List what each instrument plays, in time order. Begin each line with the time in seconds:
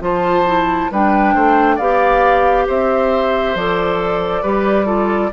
0.00 bassoon F3, clarinet F4, oboe C5, flute A5
0.46 clarinet E4
0.91 bassoon G3, clarinet D4, oboe B4, flute G5
1.34 bassoon A3, oboe C5
1.75 bassoon B3, clarinet G4, oboe D5, flute F5
2.67 bassoon C4, oboe C5, flute E5
3.54 bassoon F3, clarinet A4, flute D5
4.42 bassoon G3, clarinet G4, oboe B4
4.85 clarinet F4, oboe A4